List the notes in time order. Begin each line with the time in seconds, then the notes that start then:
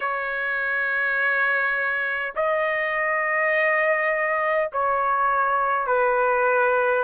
0.00 C#5
2.35 D#5
4.72 C#5
5.86 B4